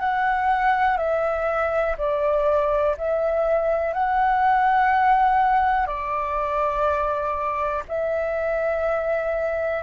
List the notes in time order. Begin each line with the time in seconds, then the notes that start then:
0.00 F#5
0.97 E5
1.98 D5
2.98 E5
3.93 F#5
5.87 D5
7.88 E5